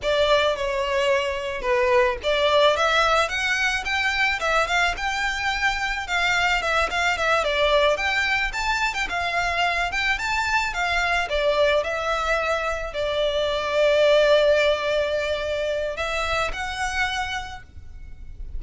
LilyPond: \new Staff \with { instrumentName = "violin" } { \time 4/4 \tempo 4 = 109 d''4 cis''2 b'4 | d''4 e''4 fis''4 g''4 | e''8 f''8 g''2 f''4 | e''8 f''8 e''8 d''4 g''4 a''8~ |
a''16 g''16 f''4. g''8 a''4 f''8~ | f''8 d''4 e''2 d''8~ | d''1~ | d''4 e''4 fis''2 | }